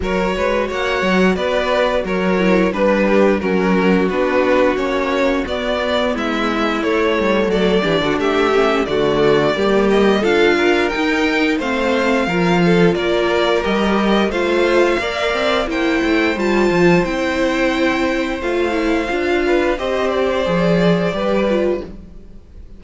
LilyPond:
<<
  \new Staff \with { instrumentName = "violin" } { \time 4/4 \tempo 4 = 88 cis''4 fis''4 d''4 cis''4 | b'4 ais'4 b'4 cis''4 | d''4 e''4 cis''4 d''4 | e''4 d''4. dis''8 f''4 |
g''4 f''2 d''4 | dis''4 f''2 g''4 | a''4 g''2 f''4~ | f''4 dis''8 d''2~ d''8 | }
  \new Staff \with { instrumentName = "violin" } { \time 4/4 ais'8 b'8 cis''4 b'4 ais'4 | b'8 g'8 fis'2.~ | fis'4 e'2 a'8 g'16 fis'16 | g'4 fis'4 g'4 a'8 ais'8~ |
ais'4 c''4 ais'8 a'8 ais'4~ | ais'4 c''4 d''4 c''4~ | c''1~ | c''8 b'8 c''2 b'4 | }
  \new Staff \with { instrumentName = "viola" } { \time 4/4 fis'2.~ fis'8 e'8 | d'4 cis'4 d'4 cis'4 | b2 a4. d'8~ | d'8 cis'8 a4 ais4 f'4 |
dis'4 c'4 f'2 | g'4 f'4 ais'4 e'4 | f'4 e'2 f'8 e'8 | f'4 g'4 gis'4 g'8 f'8 | }
  \new Staff \with { instrumentName = "cello" } { \time 4/4 fis8 gis8 ais8 fis8 b4 fis4 | g4 fis4 b4 ais4 | b4 gis4 a8 g8 fis8 e16 d16 | a4 d4 g4 d'4 |
dis'4 a4 f4 ais4 | g4 a4 ais8 c'8 ais8 a8 | g8 f8 c'2 a4 | d'4 c'4 f4 g4 | }
>>